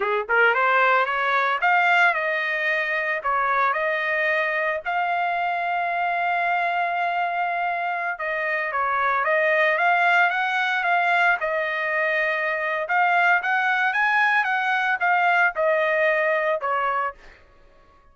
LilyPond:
\new Staff \with { instrumentName = "trumpet" } { \time 4/4 \tempo 4 = 112 gis'8 ais'8 c''4 cis''4 f''4 | dis''2 cis''4 dis''4~ | dis''4 f''2.~ | f''2.~ f''16 dis''8.~ |
dis''16 cis''4 dis''4 f''4 fis''8.~ | fis''16 f''4 dis''2~ dis''8. | f''4 fis''4 gis''4 fis''4 | f''4 dis''2 cis''4 | }